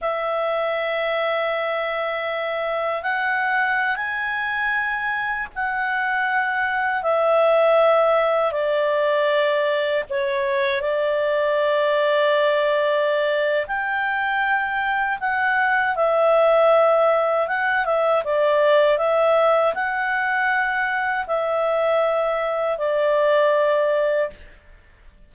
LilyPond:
\new Staff \with { instrumentName = "clarinet" } { \time 4/4 \tempo 4 = 79 e''1 | fis''4~ fis''16 gis''2 fis''8.~ | fis''4~ fis''16 e''2 d''8.~ | d''4~ d''16 cis''4 d''4.~ d''16~ |
d''2 g''2 | fis''4 e''2 fis''8 e''8 | d''4 e''4 fis''2 | e''2 d''2 | }